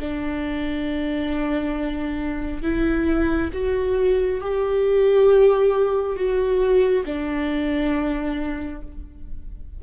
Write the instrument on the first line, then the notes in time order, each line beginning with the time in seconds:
viola
0.00 D4
2.62 E4
3.53 F#4
4.41 G4
6.16 F#4
7.05 D4